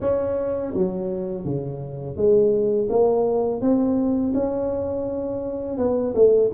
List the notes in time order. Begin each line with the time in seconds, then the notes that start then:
0.00 C#4
0.74 F#3
1.45 C#3
2.16 G#3
2.89 A#3
3.61 C4
4.33 C#4
5.77 B3
6.14 A3